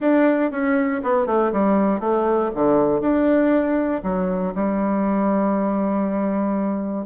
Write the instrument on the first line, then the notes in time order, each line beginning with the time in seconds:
bassoon
0.00 D4
0.51 C#4
1.03 B3
1.26 A3
1.52 G3
2.00 A3
2.55 D3
3.00 D4
4.03 F#3
4.54 G3